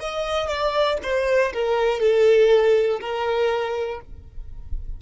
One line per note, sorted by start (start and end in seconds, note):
0.00 0.48 D#5
0.48 0.98 D5
1.03 1.53 C5
1.53 2.00 A#4
2.00 3.00 A4
3.00 4.00 A#4